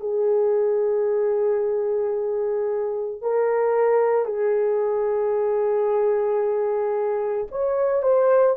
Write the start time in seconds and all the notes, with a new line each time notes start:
0.00 G#4
3.21 A#4
4.25 G#4
7.51 C#5
8.03 C5